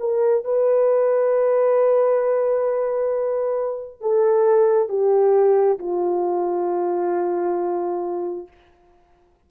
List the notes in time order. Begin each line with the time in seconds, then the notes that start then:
0.00 A#4
0.45 B4
4.01 A4
4.89 G4
5.79 F4